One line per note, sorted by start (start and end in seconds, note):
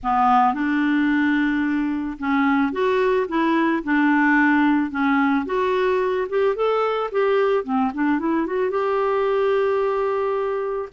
0.03 0.53 B3
0.53 2.17 D4
2.19 2.72 C#4
2.72 3.26 F#4
3.28 3.83 E4
3.83 4.90 D4
4.90 5.45 C#4
5.45 6.27 F#4
6.29 6.55 G4
6.55 7.10 A4
7.11 7.64 G4
7.64 7.91 C4
7.93 8.19 D4
8.19 8.46 E4
8.46 8.70 F#4
8.70 10.88 G4